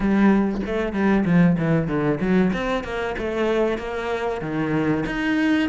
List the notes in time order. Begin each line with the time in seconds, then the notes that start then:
0.00 G3
0.65 A3
0.92 G3
1.25 F3
1.58 E3
1.87 D3
2.20 F#3
2.53 C4
2.84 A#3
3.18 A3
3.78 A#3
4.41 D#3
5.06 D#4